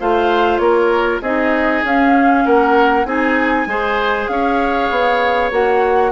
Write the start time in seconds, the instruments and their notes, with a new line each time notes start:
0.00 bassoon A3, clarinet F4, oboe C5, flute F5
0.58 bassoon A#3, oboe A#4, flute C#5
1.22 bassoon C4, clarinet D#4, oboe G#4, flute D#5
1.84 bassoon C#4, clarinet C#4, flute F5
2.46 bassoon A#3, oboe A#4, flute F#5
3.05 bassoon C4, clarinet D#4, oboe G#4, flute G#5
3.67 bassoon G#3, clarinet G#4, oboe C5
4.28 bassoon C#4, oboe C#5, flute F5
4.90 bassoon B3
5.51 bassoon A#3, clarinet F#4, flute F#5